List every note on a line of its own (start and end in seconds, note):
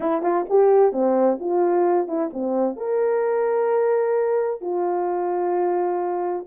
0.00 0.22 E4
0.22 0.45 F4
0.49 0.92 G4
0.92 1.38 C4
1.40 2.07 F4
2.07 2.30 E4
2.33 2.76 C4
2.76 4.61 A#4
4.61 6.46 F4